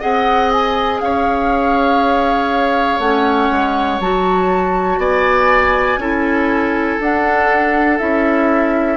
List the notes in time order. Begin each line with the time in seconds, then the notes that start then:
0.00 C4 G#4 D#5 F#5
0.51 G#5
1.01 C#4 C#5 F5
2.99 A3 C#4 F#5
3.50 G#3
4.00 F#3 F#4 A5
4.98 B3 D5 G#5
5.98 C#4 E4 A4
7.00 D4 F#5
7.99 C#4 E4 E5